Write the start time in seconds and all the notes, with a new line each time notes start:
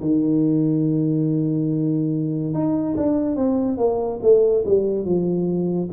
0.00 D#3
2.54 D#4
2.97 D4
3.36 C4
3.77 A#3
4.22 A3
4.65 G3
5.04 F3